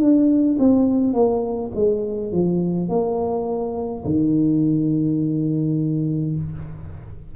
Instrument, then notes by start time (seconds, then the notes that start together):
tuba
0.00 D4
0.59 C4
1.14 A#3
1.75 G#3
2.32 F3
2.89 A#3
4.05 D#3